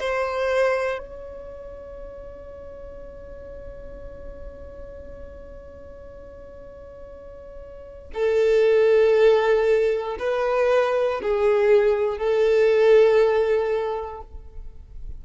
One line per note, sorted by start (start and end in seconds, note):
0.00 0.98 C5
0.98 8.10 C#5
8.14 10.17 A4
10.19 11.21 B4
11.22 12.18 G#4
12.18 14.21 A4